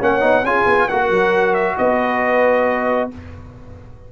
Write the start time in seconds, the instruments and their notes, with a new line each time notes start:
0.00 tuba A#3, trombone C#4, horn C#5, trumpet F#5
0.20 tuba B3, trombone D#4
0.43 tuba C#4, trombone F4, horn G#4, trumpet G#5
0.65 tuba B3
0.87 tuba A#3, trombone F#4, horn A#4, trumpet F#5
1.10 tuba F#3
1.54 trumpet E5
1.78 tuba B3, horn B4, trumpet D#5